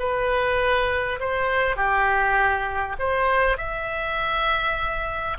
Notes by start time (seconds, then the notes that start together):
0.00 B4
1.21 C5
1.77 G4
2.99 C5
3.58 E5